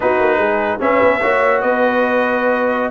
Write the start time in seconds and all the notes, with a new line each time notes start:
0.00 B3 D#4 F#4 B4
0.19 A#3
0.37 G#3 G#4
0.79 C#4 B4 E5
1.02 B3
1.20 A#3 F#4 C#5
1.61 B3 B4 D#5